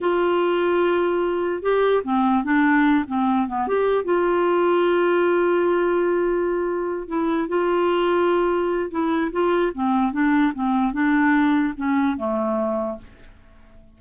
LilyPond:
\new Staff \with { instrumentName = "clarinet" } { \time 4/4 \tempo 4 = 148 f'1 | g'4 c'4 d'4. c'8~ | c'8 b8 g'4 f'2~ | f'1~ |
f'4. e'4 f'4.~ | f'2 e'4 f'4 | c'4 d'4 c'4 d'4~ | d'4 cis'4 a2 | }